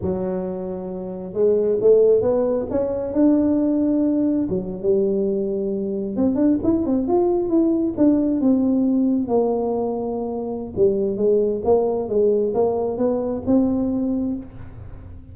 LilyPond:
\new Staff \with { instrumentName = "tuba" } { \time 4/4 \tempo 4 = 134 fis2. gis4 | a4 b4 cis'4 d'4~ | d'2 fis8. g4~ g16~ | g4.~ g16 c'8 d'8 e'8 c'8 f'16~ |
f'8. e'4 d'4 c'4~ c'16~ | c'8. ais2.~ ais16 | g4 gis4 ais4 gis4 | ais4 b4 c'2 | }